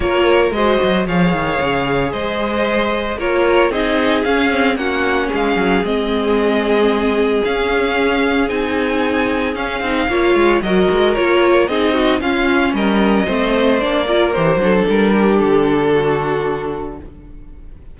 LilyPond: <<
  \new Staff \with { instrumentName = "violin" } { \time 4/4 \tempo 4 = 113 cis''4 dis''4 f''2 | dis''2 cis''4 dis''4 | f''4 fis''4 f''4 dis''4~ | dis''2 f''2 |
gis''2 f''2 | dis''4 cis''4 dis''4 f''4 | dis''2 d''4 c''4 | ais'4 a'2. | }
  \new Staff \with { instrumentName = "violin" } { \time 4/4 ais'4 c''4 cis''2 | c''2 ais'4 gis'4~ | gis'4 fis'4 gis'2~ | gis'1~ |
gis'2. cis''4 | ais'2 gis'8 fis'8 f'4 | ais'4 c''4. ais'4 a'8~ | a'8 g'4. fis'2 | }
  \new Staff \with { instrumentName = "viola" } { \time 4/4 f'4 fis'4 gis'2~ | gis'2 f'4 dis'4 | cis'8 c'8 cis'2 c'4~ | c'2 cis'2 |
dis'2 cis'8 dis'8 f'4 | fis'4 f'4 dis'4 cis'4~ | cis'4 c'4 d'8 f'8 g'8 d'8~ | d'1 | }
  \new Staff \with { instrumentName = "cello" } { \time 4/4 ais4 gis8 fis8 f8 dis8 cis4 | gis2 ais4 c'4 | cis'4 ais4 gis8 fis8 gis4~ | gis2 cis'2 |
c'2 cis'8 c'8 ais8 gis8 | fis8 gis8 ais4 c'4 cis'4 | g4 a4 ais4 e8 fis8 | g4 d2. | }
>>